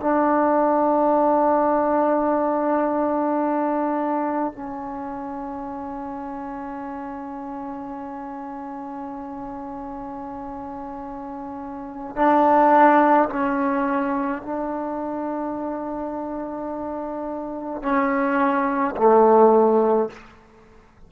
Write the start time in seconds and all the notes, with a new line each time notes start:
0.00 D4
4.53 C#4
12.15 D4
13.29 C#4
14.42 D4
17.82 C#4
18.96 A3